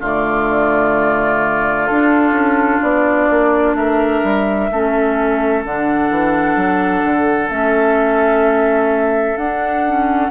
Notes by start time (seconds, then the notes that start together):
0.00 D3 A3 F4 D5
1.86 D4 A4
2.31 C#4
2.82 B3 D5
3.30 A#3
3.74 A3 A#4 E5
4.23 G3
4.70 A3 C#4 A4
5.64 D3 D4 F#5
6.10 E3
6.55 F#3
7.03 D3
7.49 A3 C#4 E5
9.36 D4 F#5
9.87 C#4